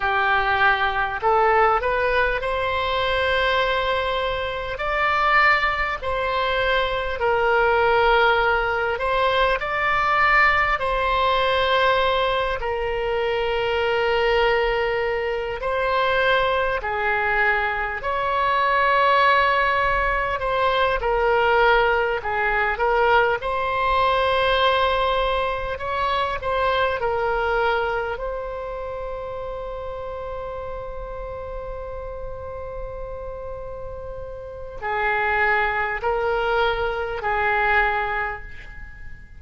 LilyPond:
\new Staff \with { instrumentName = "oboe" } { \time 4/4 \tempo 4 = 50 g'4 a'8 b'8 c''2 | d''4 c''4 ais'4. c''8 | d''4 c''4. ais'4.~ | ais'4 c''4 gis'4 cis''4~ |
cis''4 c''8 ais'4 gis'8 ais'8 c''8~ | c''4. cis''8 c''8 ais'4 c''8~ | c''1~ | c''4 gis'4 ais'4 gis'4 | }